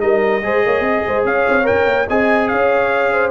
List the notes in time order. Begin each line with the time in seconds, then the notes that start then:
0.00 G3 D#4 A#4 D#5
0.43 G#3 G#4 C5
0.65 A#3 C#5
0.80 C4 D#5
1.06 G#3 C5
1.24 C#4 C#5 F5
1.48 C4
1.63 A#4 G5
1.70 C#4
1.86 A#3
2.08 C4 G#4 D#5 G#5
2.48 C#4 C#5 F5
3.12 C5